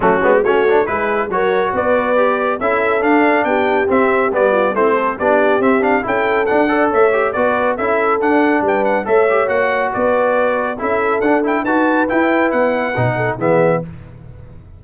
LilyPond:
<<
  \new Staff \with { instrumentName = "trumpet" } { \time 4/4 \tempo 4 = 139 fis'4 cis''4 b'4 cis''4 | d''2 e''4 f''4 | g''4 e''4 d''4 c''4 | d''4 e''8 f''8 g''4 fis''4 |
e''4 d''4 e''4 fis''4 | g''8 fis''8 e''4 fis''4 d''4~ | d''4 e''4 fis''8 g''8 a''4 | g''4 fis''2 e''4 | }
  \new Staff \with { instrumentName = "horn" } { \time 4/4 cis'4 fis'4 gis'4 ais'4 | b'2 a'2 | g'2~ g'8 f'8 e'8 a'8 | g'2 a'4. d''8 |
cis''4 b'4 a'2 | b'4 cis''2 b'4~ | b'4 a'2 b'4~ | b'2~ b'8 a'8 gis'4 | }
  \new Staff \with { instrumentName = "trombone" } { \time 4/4 a8 b8 cis'8 d'8 e'4 fis'4~ | fis'4 g'4 e'4 d'4~ | d'4 c'4 b4 c'4 | d'4 c'8 d'8 e'4 d'8 a'8~ |
a'8 g'8 fis'4 e'4 d'4~ | d'4 a'8 g'8 fis'2~ | fis'4 e'4 d'8 e'8 fis'4 | e'2 dis'4 b4 | }
  \new Staff \with { instrumentName = "tuba" } { \time 4/4 fis8 gis8 a4 gis4 fis4 | b2 cis'4 d'4 | b4 c'4 g4 a4 | b4 c'4 cis'4 d'4 |
a4 b4 cis'4 d'4 | g4 a4 ais4 b4~ | b4 cis'4 d'4 dis'4 | e'4 b4 b,4 e4 | }
>>